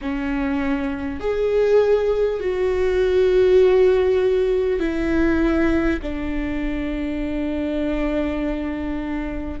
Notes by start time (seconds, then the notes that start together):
0.01 C#4
1.20 G#4
2.39 F#4
4.79 E4
6.02 D4